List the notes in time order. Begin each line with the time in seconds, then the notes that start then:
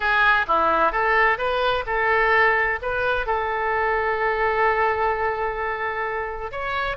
0.00 G#4
0.47 E4
0.92 A4
1.37 B4
1.86 A4
2.82 B4
3.26 A4
6.51 C#5